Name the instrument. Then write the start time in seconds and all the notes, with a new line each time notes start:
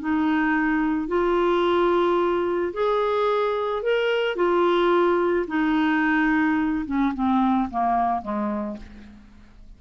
clarinet
0.00 D#4
1.08 F4
2.73 G#4
3.83 A#4
4.36 F4
5.47 D#4
6.86 C#4
7.14 C4
7.70 A#3
8.22 G#3